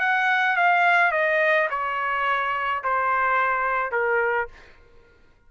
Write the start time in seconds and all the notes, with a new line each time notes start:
0.00 F#5
0.57 F5
1.12 D#5
1.70 C#5
2.84 C5
3.92 A#4